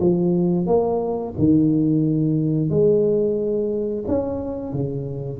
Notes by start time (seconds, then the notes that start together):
0.00 F3
0.66 A#3
1.38 D#3
2.70 G#3
4.08 C#4
4.73 C#3